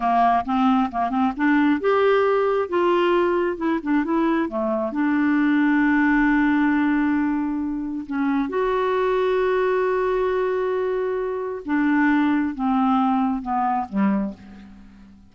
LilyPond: \new Staff \with { instrumentName = "clarinet" } { \time 4/4 \tempo 4 = 134 ais4 c'4 ais8 c'8 d'4 | g'2 f'2 | e'8 d'8 e'4 a4 d'4~ | d'1~ |
d'2 cis'4 fis'4~ | fis'1~ | fis'2 d'2 | c'2 b4 g4 | }